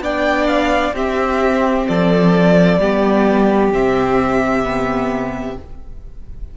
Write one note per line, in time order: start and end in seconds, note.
0.00 0.92 B3
0.00 0.95 D4
0.00 0.96 D5
0.00 0.47 G5
0.47 0.94 F5
0.93 1.86 C4
0.93 2.81 C4
0.93 1.88 G4
0.93 1.88 E5
1.88 2.79 F3
1.88 2.80 A4
1.88 3.73 D5
2.79 3.71 G3
2.79 3.73 B3
2.79 5.57 G4
3.72 5.57 C3
3.72 4.64 C4
3.72 5.58 E5
4.64 5.56 B3